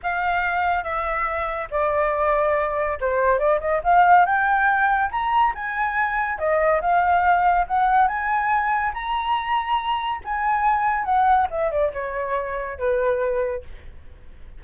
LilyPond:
\new Staff \with { instrumentName = "flute" } { \time 4/4 \tempo 4 = 141 f''2 e''2 | d''2. c''4 | d''8 dis''8 f''4 g''2 | ais''4 gis''2 dis''4 |
f''2 fis''4 gis''4~ | gis''4 ais''2. | gis''2 fis''4 e''8 d''8 | cis''2 b'2 | }